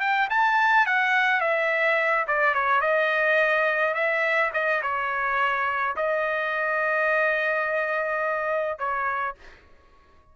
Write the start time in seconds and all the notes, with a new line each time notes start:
0.00 G5
0.30 A5
0.86 F#5
1.41 E5
2.27 D5
2.54 C#5
2.81 D#5
3.94 E5
4.54 D#5
4.82 C#5
5.96 D#5
8.79 C#5